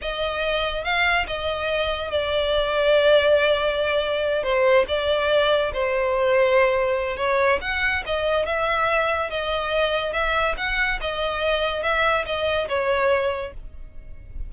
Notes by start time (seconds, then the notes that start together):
0.01 D#5
0.83 F5
1.27 D#5
2.10 D5
4.43 C5
4.87 D5
5.73 C5
7.16 C#5
7.61 F#5
8.06 D#5
8.45 E5
9.30 D#5
10.13 E5
10.57 F#5
11.01 D#5
11.83 E5
12.26 D#5
12.68 C#5